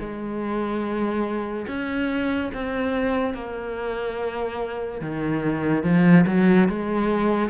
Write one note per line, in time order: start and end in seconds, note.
0.00 1.67 G#3
1.68 2.51 C#4
2.54 3.34 C4
3.34 5.01 A#3
5.02 5.84 D#3
5.84 6.25 F3
6.27 6.69 F#3
6.69 7.50 G#3